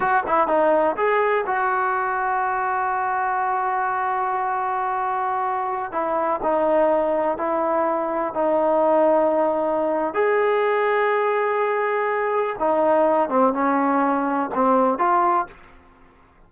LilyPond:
\new Staff \with { instrumentName = "trombone" } { \time 4/4 \tempo 4 = 124 fis'8 e'8 dis'4 gis'4 fis'4~ | fis'1~ | fis'1~ | fis'16 e'4 dis'2 e'8.~ |
e'4~ e'16 dis'2~ dis'8.~ | dis'4 gis'2.~ | gis'2 dis'4. c'8 | cis'2 c'4 f'4 | }